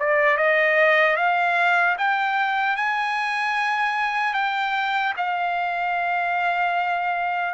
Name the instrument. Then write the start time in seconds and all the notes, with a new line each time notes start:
trumpet
0.00 D5
0.38 D#5
1.17 F5
1.98 G5
2.77 G#5
4.34 G5
5.17 F5